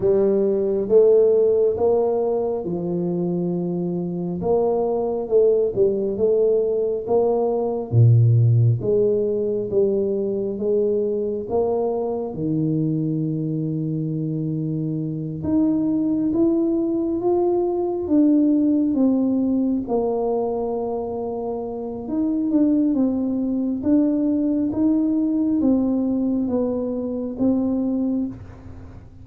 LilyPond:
\new Staff \with { instrumentName = "tuba" } { \time 4/4 \tempo 4 = 68 g4 a4 ais4 f4~ | f4 ais4 a8 g8 a4 | ais4 ais,4 gis4 g4 | gis4 ais4 dis2~ |
dis4. dis'4 e'4 f'8~ | f'8 d'4 c'4 ais4.~ | ais4 dis'8 d'8 c'4 d'4 | dis'4 c'4 b4 c'4 | }